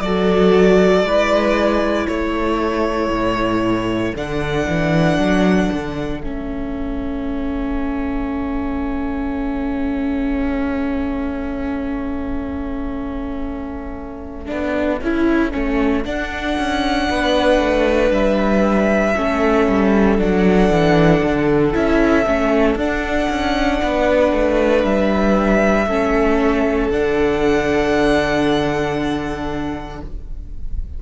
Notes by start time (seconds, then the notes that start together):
0.00 F#3 F#4 A4 D5
1.03 G#3 E4 B4
2.06 A3 A4 C#5
3.09 A2
4.15 D3 D4 F#5
4.68 E3
5.18 F#3
5.72 D3
6.21 A3 C#4 E5
14.46 B3 D4
15.01 C#4 E4
15.51 A3 C#4
16.05 D4 F#5
16.58 C#4
17.10 B3 B4
17.59 A3
18.11 G3 E5
19.16 A3 C#4 A4
19.67 G3
20.18 F#3 D4 F#5
20.70 E3
21.23 D3
21.73 C#4 E4 E5
22.26 A3 C#4
22.75 D4 F#5
23.30 C#4
23.82 B3 B4
24.32 A3
24.84 G3 E5
25.86 A3 C#4 A4
26.89 D3 D4 F#5